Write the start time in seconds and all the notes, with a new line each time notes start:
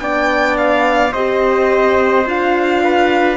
0.00 B3 D4 D5 G5
0.58 F5
1.13 C4 G4 C5 D#5
2.26 D4 F4 F5
2.84 B4